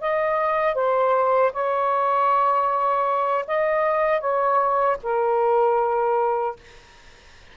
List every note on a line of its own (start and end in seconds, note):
0.00 0.74 D#5
0.74 1.51 C5
1.52 3.45 C#5
3.47 4.20 D#5
4.20 4.97 C#5
5.02 6.56 A#4